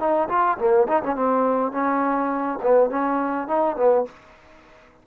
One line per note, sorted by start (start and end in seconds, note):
0.00 0.29 D#4
0.29 0.58 F4
0.59 0.88 A#3
0.88 1.03 D#4
1.03 1.16 C#4
1.16 1.73 C4
1.73 2.59 C#4
2.63 2.91 B3
2.91 3.48 C#4
3.48 3.77 D#4
3.77 4.05 B3